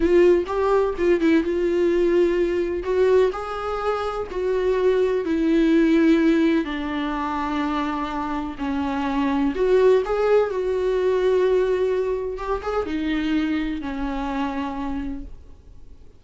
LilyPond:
\new Staff \with { instrumentName = "viola" } { \time 4/4 \tempo 4 = 126 f'4 g'4 f'8 e'8 f'4~ | f'2 fis'4 gis'4~ | gis'4 fis'2 e'4~ | e'2 d'2~ |
d'2 cis'2 | fis'4 gis'4 fis'2~ | fis'2 g'8 gis'8 dis'4~ | dis'4 cis'2. | }